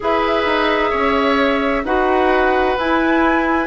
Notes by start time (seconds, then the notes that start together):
0.00 E4 G#4 B4 E5
0.45 D#4
0.90 C#4 C#5
1.84 D#4 F#4 B4 F#5
2.77 E4 G#5